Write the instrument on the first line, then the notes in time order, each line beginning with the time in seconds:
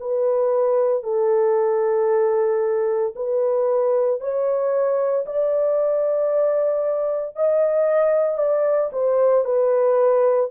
horn
0.00 B4
1.03 A4
3.15 B4
4.20 C#5
5.26 D5
7.36 D#5
8.38 D5
8.93 C5
9.45 B4